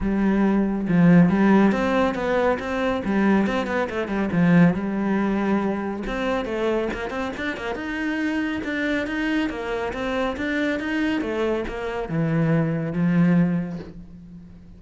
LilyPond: \new Staff \with { instrumentName = "cello" } { \time 4/4 \tempo 4 = 139 g2 f4 g4 | c'4 b4 c'4 g4 | c'8 b8 a8 g8 f4 g4~ | g2 c'4 a4 |
ais8 c'8 d'8 ais8 dis'2 | d'4 dis'4 ais4 c'4 | d'4 dis'4 a4 ais4 | e2 f2 | }